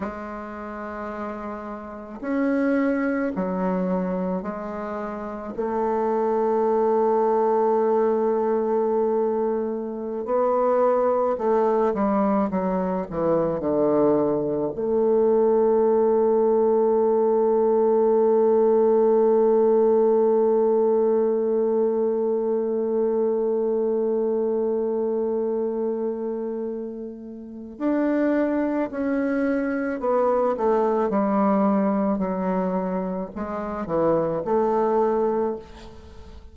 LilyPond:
\new Staff \with { instrumentName = "bassoon" } { \time 4/4 \tempo 4 = 54 gis2 cis'4 fis4 | gis4 a2.~ | a4~ a16 b4 a8 g8 fis8 e16~ | e16 d4 a2~ a8.~ |
a1~ | a1~ | a4 d'4 cis'4 b8 a8 | g4 fis4 gis8 e8 a4 | }